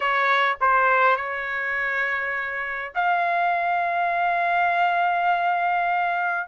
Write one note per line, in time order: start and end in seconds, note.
0.00 0.56 C#5
0.60 1.16 C5
1.16 2.93 C#5
2.94 6.47 F5